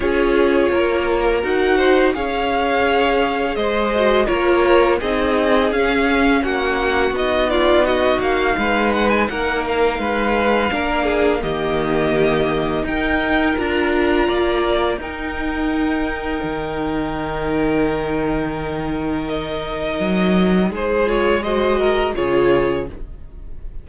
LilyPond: <<
  \new Staff \with { instrumentName = "violin" } { \time 4/4 \tempo 4 = 84 cis''2 fis''4 f''4~ | f''4 dis''4 cis''4 dis''4 | f''4 fis''4 dis''8 d''8 dis''8 f''8~ | f''8 fis''16 gis''16 fis''8 f''2~ f''8 |
dis''2 g''4 ais''4~ | ais''4 g''2.~ | g''2. dis''4~ | dis''4 c''8 cis''8 dis''4 cis''4 | }
  \new Staff \with { instrumentName = "violin" } { \time 4/4 gis'4 ais'4. c''8 cis''4~ | cis''4 c''4 ais'4 gis'4~ | gis'4 fis'4. f'8 fis'4 | b'4 ais'4 b'4 ais'8 gis'8 |
g'2 ais'2 | d''4 ais'2.~ | ais'1~ | ais'4 gis'4 c''8 ais'8 gis'4 | }
  \new Staff \with { instrumentName = "viola" } { \time 4/4 f'2 fis'4 gis'4~ | gis'4. fis'8 f'4 dis'4 | cis'2 dis'2~ | dis'2. d'4 |
ais2 dis'4 f'4~ | f'4 dis'2.~ | dis'1~ | dis'4. f'8 fis'4 f'4 | }
  \new Staff \with { instrumentName = "cello" } { \time 4/4 cis'4 ais4 dis'4 cis'4~ | cis'4 gis4 ais4 c'4 | cis'4 ais4 b4. ais8 | gis4 ais4 gis4 ais4 |
dis2 dis'4 d'4 | ais4 dis'2 dis4~ | dis1 | fis4 gis2 cis4 | }
>>